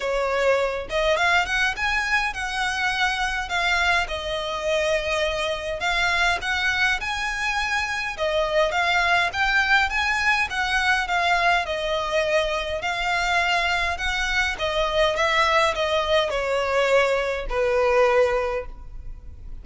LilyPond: \new Staff \with { instrumentName = "violin" } { \time 4/4 \tempo 4 = 103 cis''4. dis''8 f''8 fis''8 gis''4 | fis''2 f''4 dis''4~ | dis''2 f''4 fis''4 | gis''2 dis''4 f''4 |
g''4 gis''4 fis''4 f''4 | dis''2 f''2 | fis''4 dis''4 e''4 dis''4 | cis''2 b'2 | }